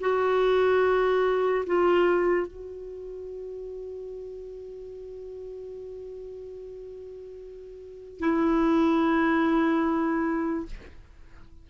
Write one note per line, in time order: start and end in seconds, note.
0.00 1.64 F#4
1.66 2.47 F4
2.47 8.19 F#4
8.19 10.66 E4